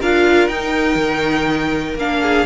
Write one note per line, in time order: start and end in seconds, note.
0.00 0.48 D4
0.00 0.51 F4
0.00 2.21 A#4
0.00 0.48 F5
0.48 0.96 D#4
0.48 1.99 D#4
0.48 1.96 G5
0.96 1.94 D#3
1.95 2.44 A#3
1.95 2.47 D4
1.95 2.47 F5
2.23 2.47 G#4